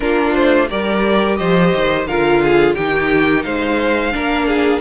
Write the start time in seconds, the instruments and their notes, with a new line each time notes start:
0.00 cello A#3, viola D4, violin F4 A#4
0.33 cello A3, violin C5
0.69 cello G3, viola G4, violin A#4 D5
1.35 cello F3, violin C5 D#5
1.74 cello D#3
2.06 cello D3, viola F4, violin A#4 F5
2.43 violin G#4
2.74 cello D#3, viola D#4, violin G4 G5
3.43 cello G#3, violin C5 F5
4.12 cello A#3, viola D4, violin A#4
4.47 violin G#4